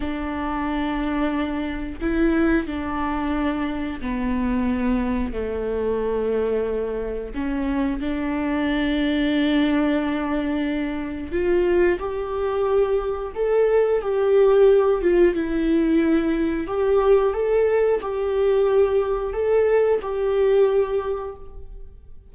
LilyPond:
\new Staff \with { instrumentName = "viola" } { \time 4/4 \tempo 4 = 90 d'2. e'4 | d'2 b2 | a2. cis'4 | d'1~ |
d'4 f'4 g'2 | a'4 g'4. f'8 e'4~ | e'4 g'4 a'4 g'4~ | g'4 a'4 g'2 | }